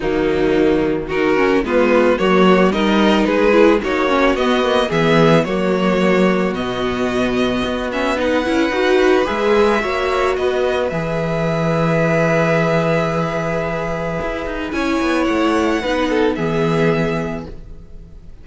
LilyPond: <<
  \new Staff \with { instrumentName = "violin" } { \time 4/4 \tempo 4 = 110 dis'2 ais'4 b'4 | cis''4 dis''4 b'4 cis''4 | dis''4 e''4 cis''2 | dis''2~ dis''8 e''8 fis''4~ |
fis''4 e''2 dis''4 | e''1~ | e''2. gis''4 | fis''2 e''2 | }
  \new Staff \with { instrumentName = "violin" } { \time 4/4 ais2 fis'4 f'4 | fis'4 ais'4 gis'4 fis'4~ | fis'4 gis'4 fis'2~ | fis'2. b'4~ |
b'2 cis''4 b'4~ | b'1~ | b'2. cis''4~ | cis''4 b'8 a'8 gis'2 | }
  \new Staff \with { instrumentName = "viola" } { \time 4/4 fis2 dis'8 cis'8 b4 | ais4 dis'4. e'8 dis'8 cis'8 | b8 ais8 b4 ais2 | b2~ b8 cis'8 dis'8 e'8 |
fis'4 gis'4 fis'2 | gis'1~ | gis'2. e'4~ | e'4 dis'4 b2 | }
  \new Staff \with { instrumentName = "cello" } { \time 4/4 dis2. gis4 | fis4 g4 gis4 ais4 | b4 e4 fis2 | b,2 b4. cis'8 |
dis'4 gis4 ais4 b4 | e1~ | e2 e'8 dis'8 cis'8 b8 | a4 b4 e2 | }
>>